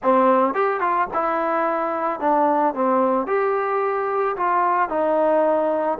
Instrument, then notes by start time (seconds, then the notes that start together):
trombone
0.02 C4
0.54 G4
0.80 F4
1.13 E4
2.20 D4
2.74 C4
3.27 G4
4.36 F4
4.89 D#4